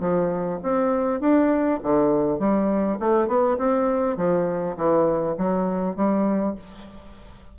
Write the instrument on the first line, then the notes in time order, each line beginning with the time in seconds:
bassoon
0.00 F3
0.63 C4
1.20 D4
1.82 D3
2.39 G3
2.99 A3
3.27 B3
3.58 C4
4.17 F3
4.76 E3
5.37 F#3
5.96 G3